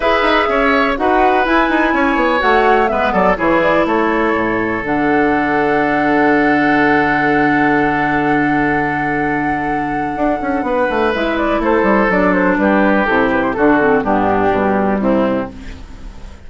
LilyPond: <<
  \new Staff \with { instrumentName = "flute" } { \time 4/4 \tempo 4 = 124 e''2 fis''4 gis''4~ | gis''4 fis''4 e''8 d''8 cis''8 d''8 | cis''2 fis''2~ | fis''1~ |
fis''1~ | fis''2. e''8 d''8 | c''4 d''8 c''8 b'4 a'8 b'16 c''16 | a'4 g'2 e'4 | }
  \new Staff \with { instrumentName = "oboe" } { \time 4/4 b'4 cis''4 b'2 | cis''2 b'8 a'8 gis'4 | a'1~ | a'1~ |
a'1~ | a'2 b'2 | a'2 g'2 | fis'4 d'2 c'4 | }
  \new Staff \with { instrumentName = "clarinet" } { \time 4/4 gis'2 fis'4 e'4~ | e'4 fis'4 b4 e'4~ | e'2 d'2~ | d'1~ |
d'1~ | d'2. e'4~ | e'4 d'2 e'4 | d'8 c'8 b4 g2 | }
  \new Staff \with { instrumentName = "bassoon" } { \time 4/4 e'8 dis'8 cis'4 dis'4 e'8 dis'8 | cis'8 b8 a4 gis8 fis8 e4 | a4 a,4 d2~ | d1~ |
d1~ | d4 d'8 cis'8 b8 a8 gis4 | a8 g8 fis4 g4 c4 | d4 g,4 b,4 c4 | }
>>